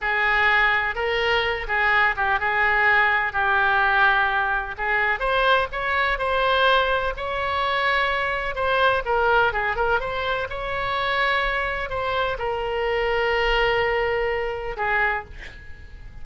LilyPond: \new Staff \with { instrumentName = "oboe" } { \time 4/4 \tempo 4 = 126 gis'2 ais'4. gis'8~ | gis'8 g'8 gis'2 g'4~ | g'2 gis'4 c''4 | cis''4 c''2 cis''4~ |
cis''2 c''4 ais'4 | gis'8 ais'8 c''4 cis''2~ | cis''4 c''4 ais'2~ | ais'2. gis'4 | }